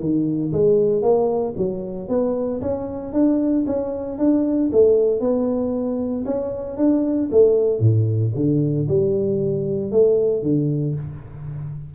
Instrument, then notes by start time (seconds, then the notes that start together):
tuba
0.00 D#3
0.53 G#3
1.02 A#3
1.57 F#3
2.09 B3
2.62 C#4
3.13 D4
3.67 C#4
4.18 D4
4.72 A3
5.20 B3
6.25 C#4
6.77 D4
7.31 A3
7.80 A2
8.35 D3
8.88 G3
9.92 A3
10.43 D3